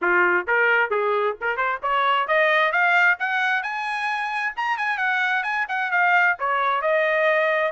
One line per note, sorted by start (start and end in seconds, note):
0.01 0.46 F4
0.47 0.90 A#4
0.90 1.36 G#4
1.40 1.56 A#4
1.56 1.79 C5
1.82 2.27 C#5
2.27 2.71 D#5
2.71 3.17 F5
3.19 3.62 F#5
3.62 4.53 G#5
4.56 4.77 A#5
4.77 4.97 G#5
4.97 5.43 F#5
5.43 5.65 G#5
5.68 5.91 F#5
5.91 6.36 F5
6.39 6.81 C#5
6.81 7.72 D#5